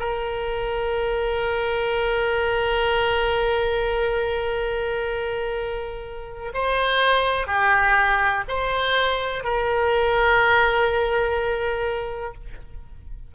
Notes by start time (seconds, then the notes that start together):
0.00 A#4
6.54 C5
7.47 G4
8.49 C5
9.44 A#4